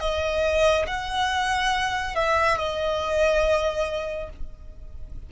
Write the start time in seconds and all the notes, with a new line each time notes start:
0.00 D#5
0.86 F#5
2.15 E5
2.58 D#5